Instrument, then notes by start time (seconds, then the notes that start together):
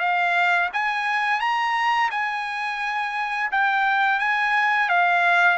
trumpet
0.00 F5
0.74 G#5
1.40 A#5
2.11 G#5
3.52 G5
4.20 G#5
4.90 F5